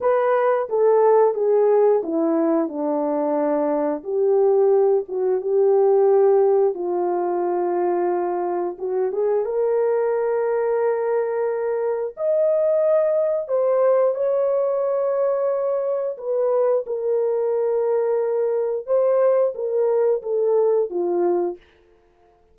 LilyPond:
\new Staff \with { instrumentName = "horn" } { \time 4/4 \tempo 4 = 89 b'4 a'4 gis'4 e'4 | d'2 g'4. fis'8 | g'2 f'2~ | f'4 fis'8 gis'8 ais'2~ |
ais'2 dis''2 | c''4 cis''2. | b'4 ais'2. | c''4 ais'4 a'4 f'4 | }